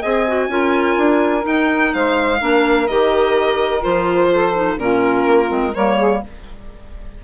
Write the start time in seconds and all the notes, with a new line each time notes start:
0.00 C4 G#4 D#5 G#5
0.27 F#4
0.48 C#4 F4 A#4
0.97 D4
1.42 D#4 G5
1.93 G#3 C5 F5
2.40 A#3 D4 A#4
2.87 D#3 G4 D#5
3.80 F3 F4 C5
4.31 A4
4.54 D#4
4.77 A#2 C#4 F4 A#4
5.26 A#3
5.47 G#3 C4
5.73 G3 A#3 A#4 C#5
5.97 G#4